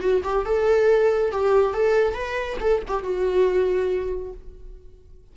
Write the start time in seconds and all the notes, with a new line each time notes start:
0.00 F#4
0.24 G4
0.45 A4
1.32 G4
1.74 A4
2.14 B4
2.60 A4
2.88 G4
3.03 F#4